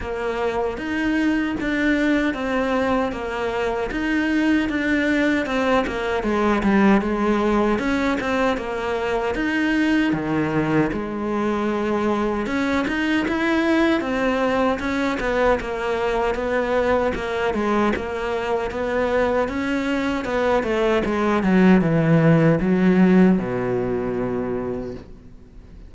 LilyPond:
\new Staff \with { instrumentName = "cello" } { \time 4/4 \tempo 4 = 77 ais4 dis'4 d'4 c'4 | ais4 dis'4 d'4 c'8 ais8 | gis8 g8 gis4 cis'8 c'8 ais4 | dis'4 dis4 gis2 |
cis'8 dis'8 e'4 c'4 cis'8 b8 | ais4 b4 ais8 gis8 ais4 | b4 cis'4 b8 a8 gis8 fis8 | e4 fis4 b,2 | }